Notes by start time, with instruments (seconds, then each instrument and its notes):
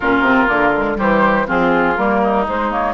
0.00 bassoon A#2, clarinet C#4, oboe F4, flute A#4
0.21 bassoon C3, clarinet C4
0.47 bassoon D3, clarinet A#3
0.76 clarinet G#3
0.95 bassoon E3, clarinet G3, oboe G4, flute C5
1.47 bassoon F3, clarinet C4, oboe F4, flute G#4
1.96 bassoon G3, clarinet A#3, flute A#4
2.23 oboe D#4
2.48 clarinet G#3, bassoon G#3, flute C5
2.70 clarinet A#3, flute C#5